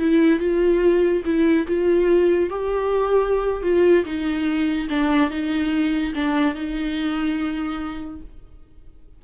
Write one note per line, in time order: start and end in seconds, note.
0.00 0.40 E4
0.40 1.23 F4
1.25 1.67 E4
1.67 2.50 F4
2.50 3.63 G4
3.63 4.05 F4
4.05 4.89 D#4
4.90 5.30 D4
5.30 6.14 D#4
6.15 6.55 D4
6.55 8.21 D#4